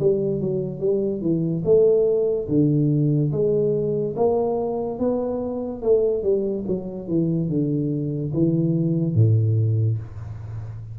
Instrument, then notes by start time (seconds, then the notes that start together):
tuba
0.00 G3
0.41 F#3
0.80 G3
1.21 E3
1.65 A3
2.48 D3
3.32 G#3
4.16 A#3
4.99 B3
5.82 A3
6.23 G3
6.67 F#3
7.08 E3
7.49 D3
8.33 E3
9.15 A2